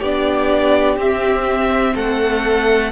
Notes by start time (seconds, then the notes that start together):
0.00 B3 D4 G4 D5
0.97 C4 E5
1.95 A3 A4 F#5